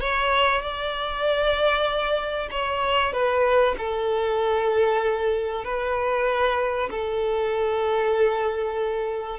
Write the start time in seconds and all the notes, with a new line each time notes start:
0.00 C#5
0.61 D5
2.51 C#5
3.12 B4
3.78 A4
5.64 B4
6.90 A4